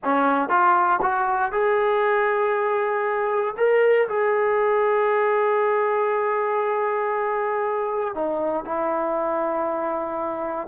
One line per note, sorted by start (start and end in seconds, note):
0.03 0.49 C#4
0.49 0.99 F4
1.02 1.51 F#4
1.51 3.55 G#4
3.57 4.08 A#4
4.08 8.14 G#4
8.14 8.64 D#4
8.64 10.67 E4